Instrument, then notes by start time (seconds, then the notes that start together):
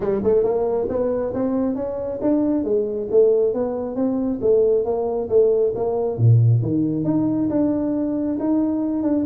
tuba
0.00 G3
0.23 A3
0.43 A#3
0.89 B3
1.34 C4
1.75 C#4
2.21 D4
2.64 G#3
3.10 A3
3.53 B3
3.95 C4
4.41 A3
4.84 A#3
5.29 A3
5.75 A#3
6.17 A#2
6.62 D#3
7.04 D#4
7.49 D4
8.39 D#4
9.02 D4